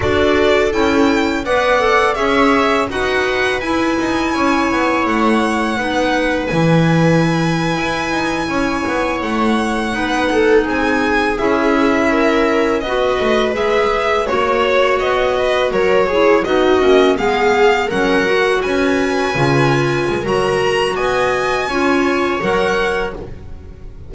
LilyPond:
<<
  \new Staff \with { instrumentName = "violin" } { \time 4/4 \tempo 4 = 83 d''4 g''4 fis''4 e''4 | fis''4 gis''2 fis''4~ | fis''4 gis''2.~ | gis''8. fis''2 gis''4 e''16~ |
e''4.~ e''16 dis''4 e''4 cis''16~ | cis''8. dis''4 cis''4 dis''4 f''16~ | f''8. fis''4 gis''2~ gis''16 | ais''4 gis''2 fis''4 | }
  \new Staff \with { instrumentName = "viola" } { \time 4/4 a'2 d''4 cis''4 | b'2 cis''2 | b'2.~ b'8. cis''16~ | cis''4.~ cis''16 b'8 a'8 gis'4~ gis'16~ |
gis'8. ais'4 b'2 cis''16~ | cis''4~ cis''16 b'8 ais'8 gis'8 fis'4 gis'16~ | gis'8. ais'4 b'2~ b'16 | ais'4 dis''4 cis''2 | }
  \new Staff \with { instrumentName = "clarinet" } { \time 4/4 fis'4 e'4 b'8 a'8 gis'4 | fis'4 e'2. | dis'4 e'2.~ | e'4.~ e'16 dis'2 e'16~ |
e'4.~ e'16 fis'4 gis'4 fis'16~ | fis'2~ fis'16 e'8 dis'8 cis'8 b16~ | b8. cis'8 fis'4. f'4~ f'16 | fis'2 f'4 ais'4 | }
  \new Staff \with { instrumentName = "double bass" } { \time 4/4 d'4 cis'4 b4 cis'4 | dis'4 e'8 dis'8 cis'8 b8 a4 | b4 e4.~ e16 e'8 dis'8 cis'16~ | cis'16 b8 a4 b4 c'4 cis'16~ |
cis'4.~ cis'16 b8 a8 gis4 ais16~ | ais8. b4 fis4 b8 ais8 gis16~ | gis8. fis4 cis'4 cis4 gis16 | fis4 b4 cis'4 fis4 | }
>>